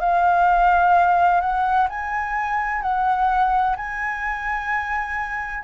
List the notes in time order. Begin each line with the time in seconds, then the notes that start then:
0.00 F5
1.41 F#5
1.89 G#5
2.82 F#5
3.76 G#5